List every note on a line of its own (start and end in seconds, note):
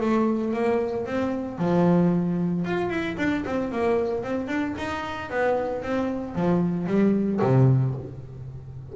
0.00 0.53 A3
0.53 1.06 A#3
1.06 1.58 C4
1.58 2.65 F3
2.65 2.89 F4
2.89 3.16 E4
3.17 3.44 D4
3.45 3.71 C4
3.71 4.23 A#3
4.23 4.47 C4
4.47 4.74 D4
4.78 5.30 D#4
5.30 5.82 B3
5.82 6.35 C4
6.35 6.87 F3
6.87 7.40 G3
7.41 7.95 C3